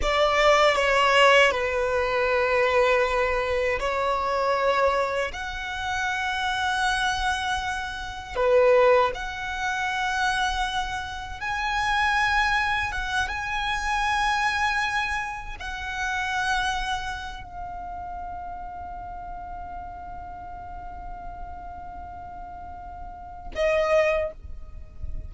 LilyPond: \new Staff \with { instrumentName = "violin" } { \time 4/4 \tempo 4 = 79 d''4 cis''4 b'2~ | b'4 cis''2 fis''4~ | fis''2. b'4 | fis''2. gis''4~ |
gis''4 fis''8 gis''2~ gis''8~ | gis''8 fis''2~ fis''8 f''4~ | f''1~ | f''2. dis''4 | }